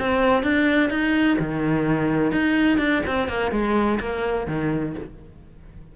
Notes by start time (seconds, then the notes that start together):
0.00 C4
0.43 D4
0.90 D#4
1.40 D#3
2.32 D#4
2.79 D4
3.07 C4
3.29 A#3
3.52 G#3
4.00 A#3
4.47 D#3